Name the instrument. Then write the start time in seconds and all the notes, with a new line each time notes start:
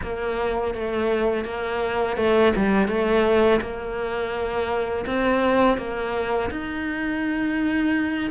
cello
0.03 A#3
0.74 A3
1.45 A#3
2.16 A3
2.56 G3
2.88 A3
3.60 A#3
5.05 C4
5.77 A#3
6.50 D#4